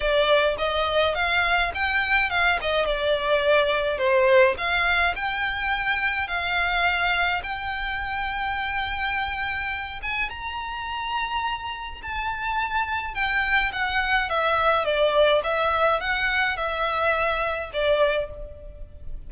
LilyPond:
\new Staff \with { instrumentName = "violin" } { \time 4/4 \tempo 4 = 105 d''4 dis''4 f''4 g''4 | f''8 dis''8 d''2 c''4 | f''4 g''2 f''4~ | f''4 g''2.~ |
g''4. gis''8 ais''2~ | ais''4 a''2 g''4 | fis''4 e''4 d''4 e''4 | fis''4 e''2 d''4 | }